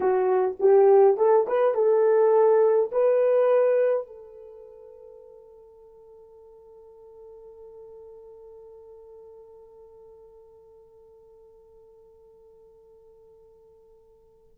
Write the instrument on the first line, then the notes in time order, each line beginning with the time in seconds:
horn
0.00 F#4
0.59 G4
1.17 A4
1.47 B4
1.74 A4
2.91 B4
4.06 A4